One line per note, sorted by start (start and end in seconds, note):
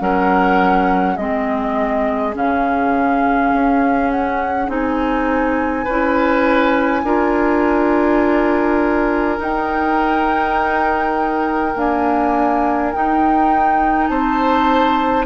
0.00 1.17 F#3
0.00 1.18 C#4
0.00 1.15 A#4
0.00 1.17 F#5
1.15 2.35 G#3
1.15 2.33 C4
1.15 5.84 G#4
1.15 2.34 D#5
2.33 3.53 C#3
2.33 4.68 C#4
2.33 4.11 F5
3.53 4.68 C#4
4.11 4.69 F#5
4.68 5.86 C4
4.68 5.86 D#4
4.68 9.41 G#5
5.84 7.03 C#4
5.84 7.05 E4
5.84 7.02 B4
7.03 9.39 D4
7.03 9.38 F4
7.03 14.10 A#4
9.38 11.73 D#4
9.38 11.75 D#4
9.38 11.77 G5
11.75 12.93 A#3
11.75 12.94 D4
11.75 12.93 G#5
12.93 15.25 D#4
12.93 14.10 D#4
12.93 14.07 G5
14.07 15.25 C4
14.07 15.25 C5
14.07 15.25 A5